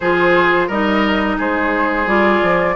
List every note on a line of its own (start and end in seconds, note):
0.00 0.68 F3
0.00 0.71 F4
0.00 0.67 G#4
0.00 0.69 C5
0.67 1.37 G3
0.67 2.07 D#4
0.67 1.36 A#4
0.67 1.38 D#5
1.37 2.06 G#3
1.37 2.75 G#4
1.37 2.08 C5
2.06 2.40 G3
2.06 2.76 F4
2.06 2.76 D5
2.42 2.76 F3